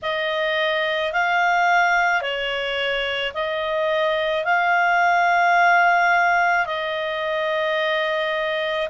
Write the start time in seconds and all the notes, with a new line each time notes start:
0.02 D#5
1.13 F5
2.21 C#5
3.33 D#5
4.44 F5
6.66 D#5